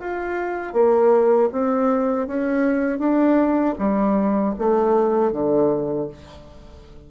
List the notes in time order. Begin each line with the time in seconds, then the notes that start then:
0.00 F4
0.74 A#3
1.52 C4
2.28 C#4
2.99 D4
3.79 G3
4.58 A3
5.32 D3